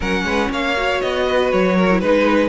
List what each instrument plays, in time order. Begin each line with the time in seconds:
0.00 cello F#3, viola C#4, violin A#4 F#5
0.24 cello G#3, violin B4
0.50 cello A#3, violin C#5 F5
0.76 viola F#4
1.01 cello B3, violin D#5
1.26 violin B4
1.51 cello F#3, violin C#5
1.76 violin A#4
1.90 viola E4
2.00 cello G#3, viola D#4, violin B4